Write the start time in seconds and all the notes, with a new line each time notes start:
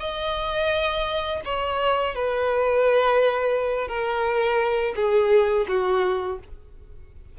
0.00 D#5
1.45 C#5
2.15 B4
3.89 A#4
4.96 G#4
5.69 F#4